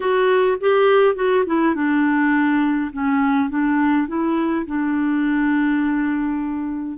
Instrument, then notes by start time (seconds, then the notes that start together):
clarinet
0.00 F#4
0.60 G4
1.15 F#4
1.46 E4
1.74 D4
2.92 C#4
3.49 D4
4.07 E4
4.66 D4